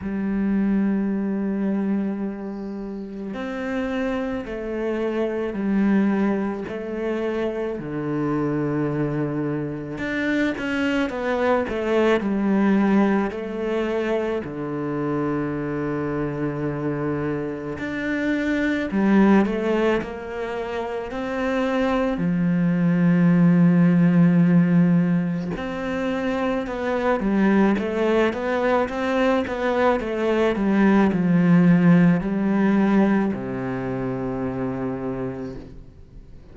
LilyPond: \new Staff \with { instrumentName = "cello" } { \time 4/4 \tempo 4 = 54 g2. c'4 | a4 g4 a4 d4~ | d4 d'8 cis'8 b8 a8 g4 | a4 d2. |
d'4 g8 a8 ais4 c'4 | f2. c'4 | b8 g8 a8 b8 c'8 b8 a8 g8 | f4 g4 c2 | }